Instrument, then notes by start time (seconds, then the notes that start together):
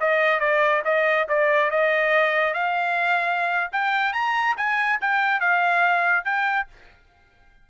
trumpet
0.00 D#5
0.40 D5
0.85 D#5
1.28 D5
1.70 D#5
2.54 F5
3.72 G5
4.13 A#5
4.57 G#5
5.01 G5
5.40 F5
6.25 G5